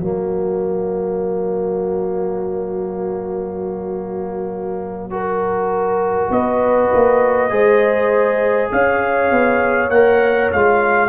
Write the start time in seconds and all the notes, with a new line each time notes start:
0.00 F#3 A#3 F#4 C#5
5.11 F#4 A#4
6.31 B3 B4 D#5
6.95 A#3
7.50 G#3 G#4 C5
8.72 C#4 C#5 F5
9.31 B3
9.90 A#3 A#4 F#5
10.53 G#3 F4 F5